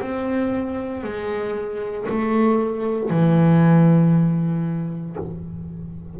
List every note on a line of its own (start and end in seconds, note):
0.00 1.03 C4
1.03 2.07 G#3
2.09 3.10 A3
3.10 5.17 E3